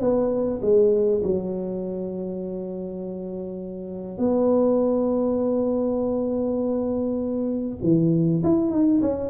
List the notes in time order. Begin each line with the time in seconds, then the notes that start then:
0.00 B3
0.61 G#3
1.23 F#3
4.18 B3
7.82 E3
8.43 E4
8.70 D#4
9.01 C#4